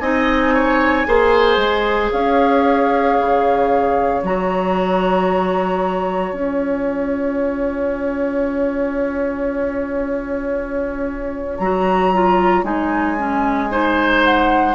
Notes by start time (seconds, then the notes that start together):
0.00 C4 D#4 D#5 G#5
0.55 C#5
1.07 A#3 G#4 C5
1.57 G#3
2.12 C#4 C#5 F5
3.20 C#3
4.23 F#3 F#4 A#5
6.33 C#4 F4 G#5
11.59 F#3 F#4 A#5
12.14 F4
12.64 G#3 D#4 G#5
13.17 C#4
13.71 D#4 C5
14.23 F#5